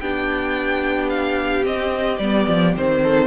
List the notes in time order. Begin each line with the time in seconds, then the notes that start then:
0.00 B3 D4 G4 G5
1.09 F5
1.63 C4 D#5
2.19 G3 B3 D5
2.48 F3
2.75 D#3 C4 C5
3.03 A4